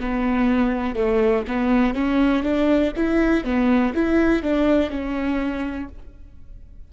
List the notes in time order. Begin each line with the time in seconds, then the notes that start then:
0.00 B3
0.96 A3
1.48 B3
1.94 C#4
2.43 D4
2.96 E4
3.45 B3
3.95 E4
4.43 D4
4.90 C#4